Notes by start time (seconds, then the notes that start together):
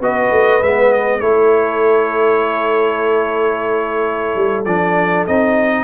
0.00 B3 F#4 B4 D#5
0.30 A3
0.61 G#3 B3 E5
0.92 D#5
1.19 A3 E4 A4 C#5
4.35 G3
4.65 F3 D4 D5
5.26 C4 D#4 D#5